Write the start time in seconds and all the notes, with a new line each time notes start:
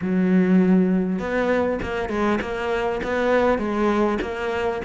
0.01 F#3
1.19 B3
1.82 A#3
2.09 G#3
2.41 A#3
3.03 B3
3.58 G#3
4.21 A#3